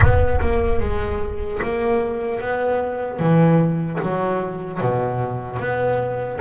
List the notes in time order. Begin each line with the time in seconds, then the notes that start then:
0.00 B3
0.40 A#3
0.80 G#3
1.62 A#3
2.40 B3
3.19 E3
4.02 F#3
4.80 B2
5.59 B3